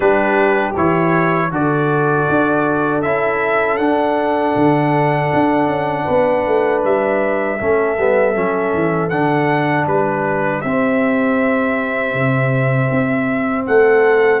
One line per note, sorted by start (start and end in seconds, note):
0.00 0.75 G3
0.00 0.73 D4
0.00 1.48 G4
0.00 0.73 B4
0.76 1.51 E3
0.76 1.51 E4
0.76 1.52 C#5
1.51 2.27 D3
1.51 3.03 F#4
1.51 6.04 A4
1.51 3.02 D5
2.28 3.04 D4
3.02 3.78 C#4
3.02 3.79 E4
3.02 3.77 E5
3.77 4.54 D4
3.77 7.58 D4
3.77 6.81 F#5
4.55 5.31 D3
5.34 5.66 D4
5.66 6.04 C#4
6.04 6.46 B3
6.04 7.56 B4
6.47 6.84 A3
6.84 7.60 G3
6.84 9.09 E5
7.59 7.98 A3
7.59 7.97 C#4
7.59 9.88 A4
7.98 8.36 G3
7.98 8.34 B3
8.34 8.73 F#3
8.34 9.10 C#4
8.73 9.11 E3
9.09 9.87 D3
9.09 10.64 D4
9.09 9.85 F#5
9.87 10.62 G3
9.87 13.67 G4
9.87 10.61 B4
10.61 12.13 C4
10.61 14.40 C4
10.61 13.65 E5
12.13 12.89 C3
12.91 13.67 C4
13.66 14.40 A3
13.66 14.40 A4
13.66 14.40 F#5